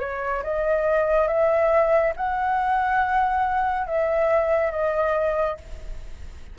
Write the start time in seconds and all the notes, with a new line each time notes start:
0.00 C#5
0.43 D#5
1.28 E5
2.17 F#5
3.87 E5
4.72 D#5